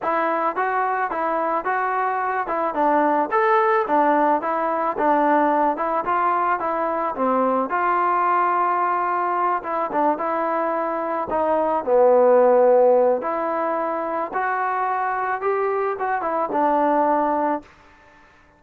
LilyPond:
\new Staff \with { instrumentName = "trombone" } { \time 4/4 \tempo 4 = 109 e'4 fis'4 e'4 fis'4~ | fis'8 e'8 d'4 a'4 d'4 | e'4 d'4. e'8 f'4 | e'4 c'4 f'2~ |
f'4. e'8 d'8 e'4.~ | e'8 dis'4 b2~ b8 | e'2 fis'2 | g'4 fis'8 e'8 d'2 | }